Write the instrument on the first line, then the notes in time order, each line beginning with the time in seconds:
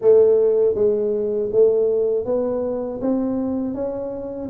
tuba
0.01 A3
0.74 G#3
1.51 A3
2.25 B3
3.01 C4
3.74 C#4